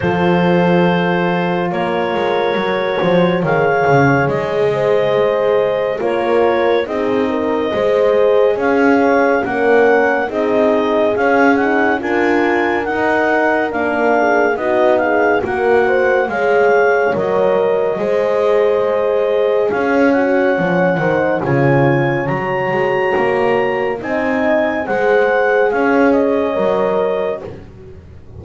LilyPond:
<<
  \new Staff \with { instrumentName = "clarinet" } { \time 4/4 \tempo 4 = 70 c''2 cis''2 | f''4 dis''2 cis''4 | dis''2 f''4 fis''4 | dis''4 f''8 fis''8 gis''4 fis''4 |
f''4 dis''8 f''8 fis''4 f''4 | dis''2. f''8 fis''8~ | fis''4 gis''4 ais''2 | gis''4 fis''4 f''8 dis''4. | }
  \new Staff \with { instrumentName = "horn" } { \time 4/4 a'2 ais'4. c''8 | cis''4. c''4. ais'4 | gis'8 ais'8 c''4 cis''4 ais'4 | gis'2 ais'2~ |
ais'8 gis'8 fis'8 gis'8 ais'8 c''8 cis''4~ | cis''4 c''2 cis''4~ | cis''8 c''8 cis''2. | dis''4 c''4 cis''2 | }
  \new Staff \with { instrumentName = "horn" } { \time 4/4 f'2. fis'4 | gis'2. f'4 | dis'4 gis'2 cis'4 | dis'4 cis'8 dis'8 f'4 dis'4 |
d'4 dis'4 fis'4 gis'4 | ais'4 gis'2~ gis'8 fis'8 | cis'8 dis'8 f'4 fis'2 | dis'4 gis'2 ais'4 | }
  \new Staff \with { instrumentName = "double bass" } { \time 4/4 f2 ais8 gis8 fis8 f8 | dis8 cis8 gis2 ais4 | c'4 gis4 cis'4 ais4 | c'4 cis'4 d'4 dis'4 |
ais4 b4 ais4 gis4 | fis4 gis2 cis'4 | f8 dis8 cis4 fis8 gis8 ais4 | c'4 gis4 cis'4 fis4 | }
>>